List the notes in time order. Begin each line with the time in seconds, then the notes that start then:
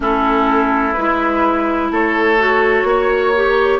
0.00 A3 C#4 E4 A4
0.93 G#3 E4 B4
1.90 A3 A4 C#5
2.38 F#4
2.83 A#3 C#5
3.35 G4